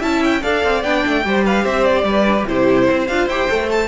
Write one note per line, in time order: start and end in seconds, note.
0.00 0.44 C#4
0.00 0.42 E4
0.00 0.41 E5
0.00 0.23 A5
0.25 0.43 G5
0.43 0.64 D4
0.43 0.83 A4
0.43 1.24 D5
0.43 0.83 F5
0.64 0.85 C4
0.83 1.05 B3
0.83 1.25 D4
0.83 1.45 G5
1.07 1.26 A3
1.25 1.65 G3
1.25 2.27 G4
1.25 1.45 C5
1.45 1.64 B4
1.45 1.66 F5
1.64 2.04 C4
1.64 2.05 C5
1.64 1.85 E5
1.85 2.46 D5
2.04 2.44 G3
2.04 2.49 B4
2.28 2.38 D4
2.38 2.47 G4
2.47 2.90 C3
2.47 3.08 E4
2.47 2.88 G4
2.47 3.08 C5
2.88 3.10 C4
2.88 3.88 C5
3.08 3.27 D4
3.08 3.31 F4
3.08 3.28 F5
3.27 3.48 E4
3.27 3.50 G4
3.27 3.70 G5
3.50 3.88 A3
3.50 3.60 A4
3.61 3.68 A#4
3.68 3.88 A4
3.68 3.88 A5